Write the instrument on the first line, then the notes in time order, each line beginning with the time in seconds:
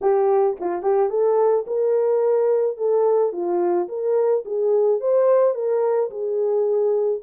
horn
0.01 G4
0.60 F4
0.82 G4
1.09 A4
1.66 A#4
2.77 A4
3.32 F4
3.88 A#4
4.45 G#4
5.00 C5
5.54 A#4
6.10 G#4